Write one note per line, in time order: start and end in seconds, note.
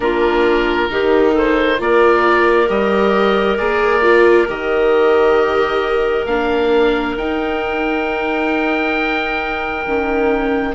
0.00 0.88 A#3
0.00 0.88 D4
0.00 0.91 F4
0.00 1.34 A#4
0.90 1.79 D#3
0.90 1.77 D#4
0.90 1.32 G4
1.32 1.77 A4
1.32 1.81 C5
1.77 2.69 A#3
1.77 2.67 F4
1.77 10.74 A#4
1.77 2.69 D5
2.67 3.58 G3
2.67 3.57 G4
2.67 3.57 D#5
3.57 4.48 A#3
3.57 4.02 G#4
3.57 4.47 D5
4.02 4.47 F4
4.48 6.25 D#3
4.48 6.27 G4
4.48 6.26 D#5
6.25 7.15 A#3
6.25 7.17 D4
6.25 7.15 F5
7.16 9.85 D#4
7.16 9.87 D#4
7.16 10.74 G5
9.86 10.74 D#3
9.86 10.74 C#4